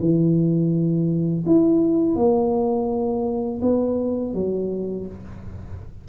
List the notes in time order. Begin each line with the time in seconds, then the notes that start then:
0.00 E3
1.46 E4
2.16 A#3
3.61 B3
4.34 F#3